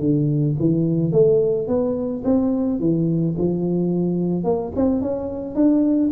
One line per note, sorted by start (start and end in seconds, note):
0.00 0.56 D3
0.60 1.12 E3
1.12 1.68 A3
1.68 2.24 B3
2.25 2.80 C4
2.80 3.36 E3
3.38 4.44 F3
4.44 4.72 A#3
4.76 5.02 C4
5.02 5.56 C#4
5.56 6.11 D4